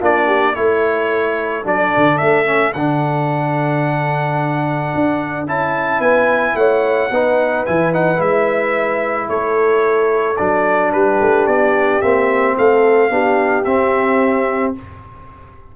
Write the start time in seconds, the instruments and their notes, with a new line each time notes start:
0.00 tuba A#3, trombone D4, horn F4, trumpet D5
0.27 horn G4
0.54 tuba A3, trombone E4, horn A4, trumpet C#5
1.64 tuba F#3, trombone D4, trumpet D5
1.97 tuba D3
2.18 tuba A3, trumpet E5
2.46 trombone C#4
2.73 tuba D3, trombone D4, trumpet F#5
4.95 tuba D4
5.47 tuba C#4, trombone E4, trumpet A5
6.00 tuba B3, horn B4, trumpet G#5
6.55 tuba A3, horn C#5, trumpet F#5
7.11 tuba B3, trombone D#4, horn B4
7.66 tuba E3, trombone E4, trumpet G#5
7.93 trombone D#4, trumpet F#5
8.16 tuba G#3, trombone E4, trumpet E5
9.29 tuba A3, horn A4, trumpet C#5
10.37 tuba F#3, trombone D4, trumpet D5
10.92 tuba G3, horn G4, trumpet B4
11.21 tuba A3
11.47 tuba B3, trumpet D5
12.02 tuba A#3, trombone C4, trumpet E5
12.58 tuba A3, horn A4, trumpet F5
13.10 tuba B3, trombone D4, horn G4
13.65 tuba C4, trombone C4, trumpet E5